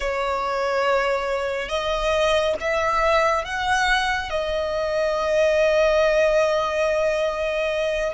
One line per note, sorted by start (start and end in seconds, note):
0.00 1.68 C#5
1.68 2.54 D#5
2.60 3.44 E5
3.44 4.30 F#5
4.30 8.13 D#5